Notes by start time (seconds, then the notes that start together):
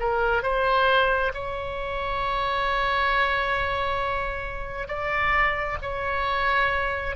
0.00 A#4
0.43 C5
1.34 C#5
4.88 D5
5.82 C#5